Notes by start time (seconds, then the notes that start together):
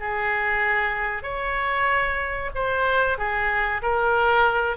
0.00 G#4
1.23 C#5
2.55 C5
3.18 G#4
3.82 A#4